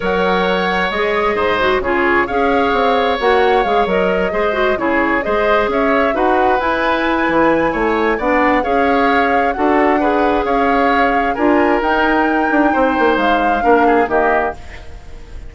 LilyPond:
<<
  \new Staff \with { instrumentName = "flute" } { \time 4/4 \tempo 4 = 132 fis''2 dis''2 | cis''4 f''2 fis''4 | f''8 dis''2 cis''4 dis''8~ | dis''8 e''4 fis''4 gis''4.~ |
gis''2 fis''4 f''4~ | f''4 fis''2 f''4~ | f''4 gis''4 g''2~ | g''4 f''2 dis''4 | }
  \new Staff \with { instrumentName = "oboe" } { \time 4/4 cis''2. c''4 | gis'4 cis''2.~ | cis''4. c''4 gis'4 c''8~ | c''8 cis''4 b'2~ b'8~ |
b'4 cis''4 d''4 cis''4~ | cis''4 a'4 b'4 cis''4~ | cis''4 ais'2. | c''2 ais'8 gis'8 g'4 | }
  \new Staff \with { instrumentName = "clarinet" } { \time 4/4 ais'2 gis'4. fis'8 | f'4 gis'2 fis'4 | gis'8 ais'4 gis'8 fis'8 e'4 gis'8~ | gis'4. fis'4 e'4.~ |
e'2 d'4 gis'4~ | gis'4 fis'4 gis'2~ | gis'4 f'4 dis'2~ | dis'2 d'4 ais4 | }
  \new Staff \with { instrumentName = "bassoon" } { \time 4/4 fis2 gis4 gis,4 | cis4 cis'4 c'4 ais4 | gis8 fis4 gis4 cis4 gis8~ | gis8 cis'4 dis'4 e'4. |
e4 a4 b4 cis'4~ | cis'4 d'2 cis'4~ | cis'4 d'4 dis'4. d'8 | c'8 ais8 gis4 ais4 dis4 | }
>>